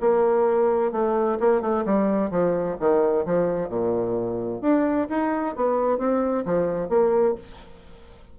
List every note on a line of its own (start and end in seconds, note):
0.00 0.92 A#3
0.92 1.38 A3
1.40 1.62 A#3
1.62 1.85 A3
1.85 2.31 G3
2.31 2.77 F3
2.80 3.25 D#3
3.25 3.69 F3
3.69 4.61 A#2
4.61 5.07 D4
5.09 5.56 D#4
5.56 5.98 B3
5.98 6.44 C4
6.45 6.89 F3
6.89 7.35 A#3